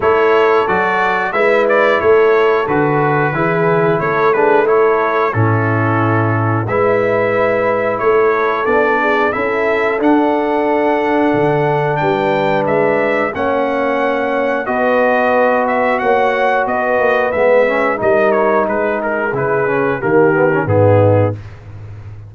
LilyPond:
<<
  \new Staff \with { instrumentName = "trumpet" } { \time 4/4 \tempo 4 = 90 cis''4 d''4 e''8 d''8 cis''4 | b'2 cis''8 b'8 cis''4 | a'2 e''2 | cis''4 d''4 e''4 fis''4~ |
fis''2 g''4 e''4 | fis''2 dis''4. e''8 | fis''4 dis''4 e''4 dis''8 cis''8 | b'8 ais'8 b'4 ais'4 gis'4 | }
  \new Staff \with { instrumentName = "horn" } { \time 4/4 a'2 b'4 a'4~ | a'4 gis'4 a'8 gis'8 a'4 | e'2 b'2 | a'4. gis'8 a'2~ |
a'2 b'2 | cis''2 b'2 | cis''4 b'2 ais'4 | gis'2 g'4 dis'4 | }
  \new Staff \with { instrumentName = "trombone" } { \time 4/4 e'4 fis'4 e'2 | fis'4 e'4. d'8 e'4 | cis'2 e'2~ | e'4 d'4 e'4 d'4~ |
d'1 | cis'2 fis'2~ | fis'2 b8 cis'8 dis'4~ | dis'4 e'8 cis'8 ais8 b16 cis'16 b4 | }
  \new Staff \with { instrumentName = "tuba" } { \time 4/4 a4 fis4 gis4 a4 | d4 e4 a2 | a,2 gis2 | a4 b4 cis'4 d'4~ |
d'4 d4 g4 gis4 | ais2 b2 | ais4 b8 ais8 gis4 g4 | gis4 cis4 dis4 gis,4 | }
>>